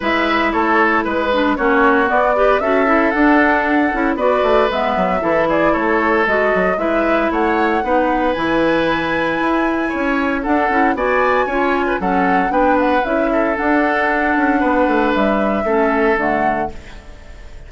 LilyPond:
<<
  \new Staff \with { instrumentName = "flute" } { \time 4/4 \tempo 4 = 115 e''4 cis''4 b'4 cis''4 | d''4 e''4 fis''2 | d''4 e''4. d''8 cis''4 | dis''4 e''4 fis''2 |
gis''1 | fis''4 gis''2 fis''4 | g''8 fis''8 e''4 fis''2~ | fis''4 e''2 fis''4 | }
  \new Staff \with { instrumentName = "oboe" } { \time 4/4 b'4 a'4 b'4 fis'4~ | fis'8 b'8 a'2. | b'2 a'8 gis'8 a'4~ | a'4 b'4 cis''4 b'4~ |
b'2. cis''4 | a'4 d''4 cis''8. b'16 a'4 | b'4. a'2~ a'8 | b'2 a'2 | }
  \new Staff \with { instrumentName = "clarinet" } { \time 4/4 e'2~ e'8 d'8 cis'4 | b8 g'8 fis'8 e'8 d'4. e'8 | fis'4 b4 e'2 | fis'4 e'2 dis'4 |
e'1 | d'8 e'8 fis'4 f'4 cis'4 | d'4 e'4 d'2~ | d'2 cis'4 a4 | }
  \new Staff \with { instrumentName = "bassoon" } { \time 4/4 gis4 a4 gis4 ais4 | b4 cis'4 d'4. cis'8 | b8 a8 gis8 fis8 e4 a4 | gis8 fis8 gis4 a4 b4 |
e2 e'4 cis'4 | d'8 cis'8 b4 cis'4 fis4 | b4 cis'4 d'4. cis'8 | b8 a8 g4 a4 d4 | }
>>